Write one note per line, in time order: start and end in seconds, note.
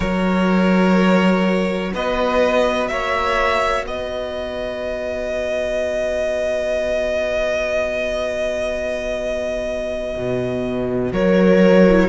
0.00 1.93 F#3
0.00 11.84 F#4
0.00 1.91 A#4
0.00 1.93 C#5
1.93 2.90 B3
1.93 2.90 B4
1.93 2.88 D#5
2.88 3.86 A#3
2.88 3.85 C#5
2.88 3.84 E5
3.85 10.15 B3
3.85 11.11 B4
3.85 11.12 D#5
10.16 11.12 B2
11.12 12.08 F#3
11.12 12.08 A#4
11.12 12.08 C#5
11.88 12.08 E4